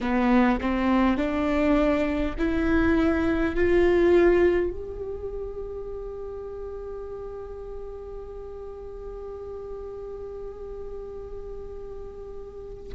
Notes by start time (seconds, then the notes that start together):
0.00 B3
0.60 C4
1.17 D4
2.38 E4
3.55 F4
4.70 G4